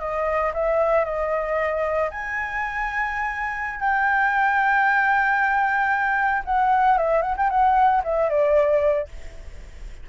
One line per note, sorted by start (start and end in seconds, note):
0.00 0.53 D#5
0.54 1.05 E5
1.05 2.11 D#5
2.11 3.80 G#5
3.80 6.44 G5
6.46 6.98 F#5
6.98 7.22 E5
7.22 7.35 F#5
7.37 7.50 G5
7.50 8.03 F#5
8.04 8.30 E5
8.30 9.09 D5